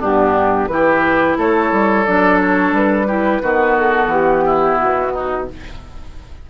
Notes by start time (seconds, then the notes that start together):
0.00 G2 B3 D4 G4
0.68 E3 E4 G4 B4
1.38 A3 A4 C#5
1.72 G3
2.05 F#3 D4 D5
2.41 C#5
2.72 G3 B4
3.08 E4 G4
3.43 D#3 B3 F#4
3.78 A4
4.07 E3 G4
4.45 E4
4.78 B2 F#4
5.13 D#4